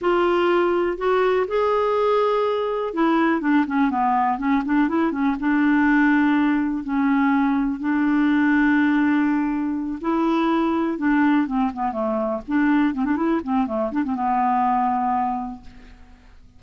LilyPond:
\new Staff \with { instrumentName = "clarinet" } { \time 4/4 \tempo 4 = 123 f'2 fis'4 gis'4~ | gis'2 e'4 d'8 cis'8 | b4 cis'8 d'8 e'8 cis'8 d'4~ | d'2 cis'2 |
d'1~ | d'8 e'2 d'4 c'8 | b8 a4 d'4 c'16 d'16 e'8 c'8 | a8 d'16 c'16 b2. | }